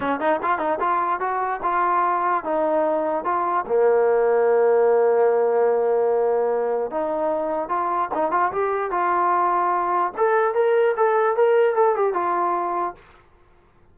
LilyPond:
\new Staff \with { instrumentName = "trombone" } { \time 4/4 \tempo 4 = 148 cis'8 dis'8 f'8 dis'8 f'4 fis'4 | f'2 dis'2 | f'4 ais2.~ | ais1~ |
ais4 dis'2 f'4 | dis'8 f'8 g'4 f'2~ | f'4 a'4 ais'4 a'4 | ais'4 a'8 g'8 f'2 | }